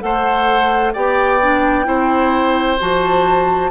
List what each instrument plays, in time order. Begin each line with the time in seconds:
0.00 bassoon A3, clarinet A4, oboe C5, flute F#5
0.93 bassoon B3, clarinet G4, oboe D5, flute G5
1.41 clarinet D4
1.84 bassoon C4, clarinet E4, oboe C5
2.80 bassoon F3, clarinet F#4, flute A5